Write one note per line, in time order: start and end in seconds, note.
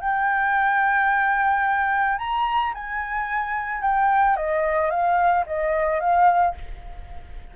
0.00 2.18 G5
2.18 2.73 A#5
2.73 3.81 G#5
3.81 4.36 G5
4.36 4.90 D#5
4.90 5.44 F5
5.46 6.00 D#5
6.00 6.54 F5